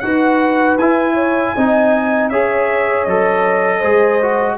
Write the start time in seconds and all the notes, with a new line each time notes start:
0.00 D#4 F#4 B4 F#5
0.77 E4 G#5
1.14 C#5
1.55 C4 D#4 D#5
2.30 C#4 G#4 C#5 E5
3.05 F#3 A4 D#5
3.79 G#3 G#4 C5
4.22 F#4